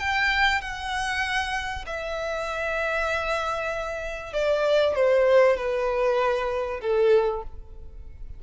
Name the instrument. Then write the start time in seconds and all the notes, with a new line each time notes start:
violin
0.00 G5
0.62 F#5
1.87 E5
4.34 D5
4.96 C5
5.57 B4
6.82 A4